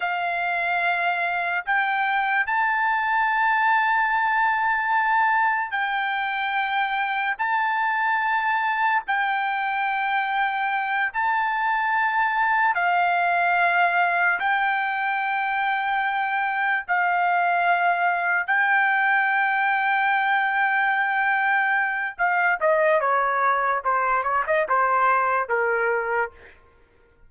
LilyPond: \new Staff \with { instrumentName = "trumpet" } { \time 4/4 \tempo 4 = 73 f''2 g''4 a''4~ | a''2. g''4~ | g''4 a''2 g''4~ | g''4. a''2 f''8~ |
f''4. g''2~ g''8~ | g''8 f''2 g''4.~ | g''2. f''8 dis''8 | cis''4 c''8 cis''16 dis''16 c''4 ais'4 | }